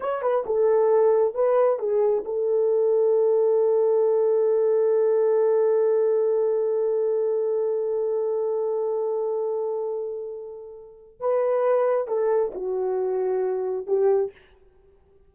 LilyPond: \new Staff \with { instrumentName = "horn" } { \time 4/4 \tempo 4 = 134 cis''8 b'8 a'2 b'4 | gis'4 a'2.~ | a'1~ | a'1~ |
a'1~ | a'1~ | a'4 b'2 a'4 | fis'2. g'4 | }